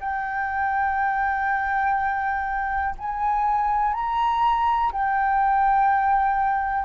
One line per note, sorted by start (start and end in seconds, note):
0.00 2.95 G5
2.98 3.94 G#5
3.94 4.92 A#5
4.93 6.85 G5